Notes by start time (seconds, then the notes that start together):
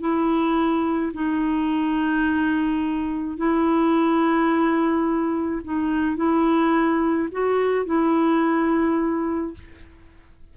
0.00 E4
1.14 D#4
3.37 E4
5.64 D#4
6.17 E4
7.32 F#4
7.86 E4